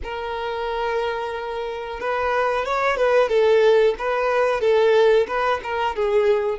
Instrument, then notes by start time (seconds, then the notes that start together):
violin
0.03 A#4
2.00 B4
2.65 C#5
2.96 B4
3.28 A4
3.98 B4
4.60 A4
5.27 B4
5.63 A#4
5.95 G#4